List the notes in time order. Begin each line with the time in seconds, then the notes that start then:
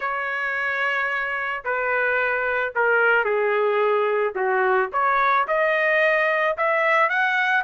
0.00 C#5
1.64 B4
2.75 A#4
3.24 G#4
4.35 F#4
4.92 C#5
5.47 D#5
6.57 E5
7.09 F#5